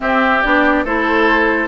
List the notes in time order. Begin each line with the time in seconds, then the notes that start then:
0.00 C4 G4 E5
0.42 B3 D4 D5
0.84 A3 E4 A4 C5